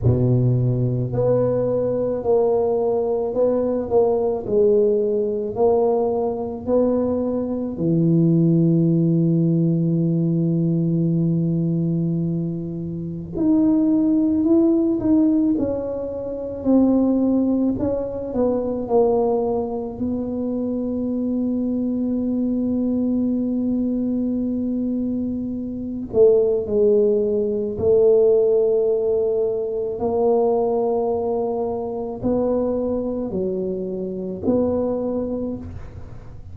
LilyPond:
\new Staff \with { instrumentName = "tuba" } { \time 4/4 \tempo 4 = 54 b,4 b4 ais4 b8 ais8 | gis4 ais4 b4 e4~ | e1 | dis'4 e'8 dis'8 cis'4 c'4 |
cis'8 b8 ais4 b2~ | b2.~ b8 a8 | gis4 a2 ais4~ | ais4 b4 fis4 b4 | }